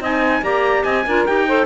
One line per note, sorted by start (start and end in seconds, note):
0.00 0.42 C4
0.00 0.43 D#4
0.00 0.43 D#5
0.00 0.44 G#5
0.42 0.84 A#3
0.42 1.06 G4
0.42 0.85 D5
0.42 0.84 A#5
0.84 1.06 C4
0.84 1.05 D#5
0.84 1.25 G#5
1.05 1.28 D4
1.05 1.28 F4
1.05 1.47 A#4
1.26 1.66 D#4
1.26 1.49 G4
1.26 1.66 G5
1.47 1.66 A4
1.47 1.66 C5